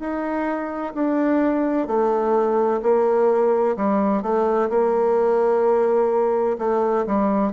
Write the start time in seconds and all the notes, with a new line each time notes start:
0.00 D#4
0.95 D4
1.87 A3
2.83 A#3
3.77 G3
4.23 A3
4.70 A#3
6.59 A3
7.07 G3